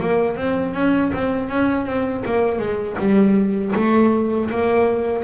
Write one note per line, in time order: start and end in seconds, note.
0.00 0.36 A#3
0.36 0.74 C4
0.74 1.12 C#4
1.13 1.50 C4
1.50 1.86 C#4
1.86 2.24 C4
2.25 2.59 A#3
2.59 2.97 G#3
2.99 3.74 G3
3.75 4.50 A3
4.51 5.24 A#3